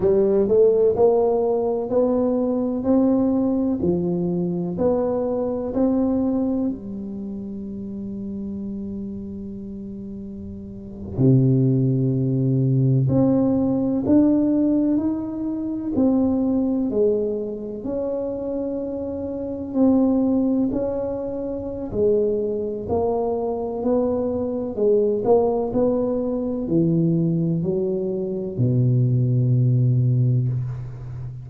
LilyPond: \new Staff \with { instrumentName = "tuba" } { \time 4/4 \tempo 4 = 63 g8 a8 ais4 b4 c'4 | f4 b4 c'4 g4~ | g2.~ g8. c16~ | c4.~ c16 c'4 d'4 dis'16~ |
dis'8. c'4 gis4 cis'4~ cis'16~ | cis'8. c'4 cis'4~ cis'16 gis4 | ais4 b4 gis8 ais8 b4 | e4 fis4 b,2 | }